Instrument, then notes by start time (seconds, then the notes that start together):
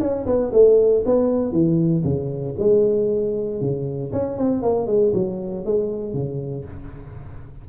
tuba
0.00 C#4
0.26 B3
0.53 A3
1.05 B3
1.52 E3
2.04 C#3
2.59 G#3
3.61 C#3
4.12 C#4
4.37 C4
4.62 A#3
4.87 G#3
5.14 F#3
5.65 G#3
6.14 C#3